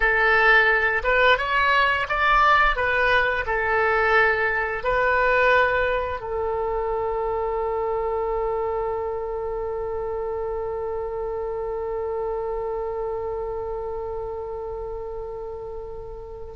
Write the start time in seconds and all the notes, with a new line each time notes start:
0.00 A4
1.03 B4
1.38 C#5
2.08 D5
2.76 B4
3.46 A4
4.83 B4
6.20 A4